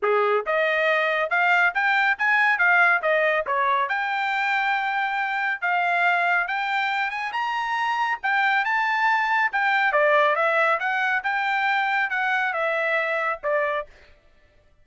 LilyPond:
\new Staff \with { instrumentName = "trumpet" } { \time 4/4 \tempo 4 = 139 gis'4 dis''2 f''4 | g''4 gis''4 f''4 dis''4 | cis''4 g''2.~ | g''4 f''2 g''4~ |
g''8 gis''8 ais''2 g''4 | a''2 g''4 d''4 | e''4 fis''4 g''2 | fis''4 e''2 d''4 | }